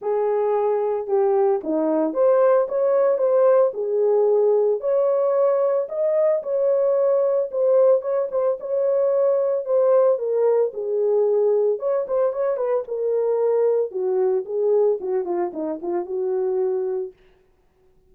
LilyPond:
\new Staff \with { instrumentName = "horn" } { \time 4/4 \tempo 4 = 112 gis'2 g'4 dis'4 | c''4 cis''4 c''4 gis'4~ | gis'4 cis''2 dis''4 | cis''2 c''4 cis''8 c''8 |
cis''2 c''4 ais'4 | gis'2 cis''8 c''8 cis''8 b'8 | ais'2 fis'4 gis'4 | fis'8 f'8 dis'8 f'8 fis'2 | }